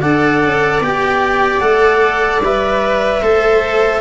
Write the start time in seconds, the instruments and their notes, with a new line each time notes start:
0.00 tuba D4, cello A4, viola D5, clarinet F#5
0.42 tuba C#4
0.80 tuba B3, cello G4, clarinet G5
1.60 tuba A3, cello A4, clarinet F#5
2.40 tuba G3, cello B4, clarinet E5
3.20 tuba A3, cello A4, viola C5